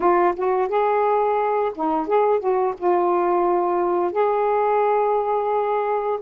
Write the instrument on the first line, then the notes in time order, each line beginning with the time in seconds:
saxophone
0.00 F4
0.36 F#4
0.68 G#4
1.74 D#4
2.07 G#4
2.39 F#4
2.77 F4
4.12 G#4